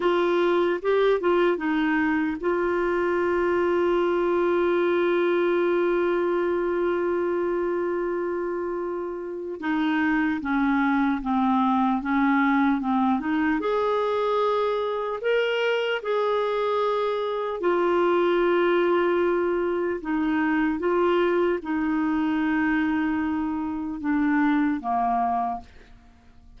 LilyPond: \new Staff \with { instrumentName = "clarinet" } { \time 4/4 \tempo 4 = 75 f'4 g'8 f'8 dis'4 f'4~ | f'1~ | f'1 | dis'4 cis'4 c'4 cis'4 |
c'8 dis'8 gis'2 ais'4 | gis'2 f'2~ | f'4 dis'4 f'4 dis'4~ | dis'2 d'4 ais4 | }